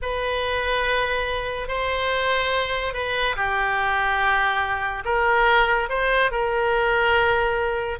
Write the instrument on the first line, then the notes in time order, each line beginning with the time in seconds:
oboe
0.02 B4
1.68 C5
2.93 B4
3.35 G4
5.04 A#4
5.89 C5
6.31 A#4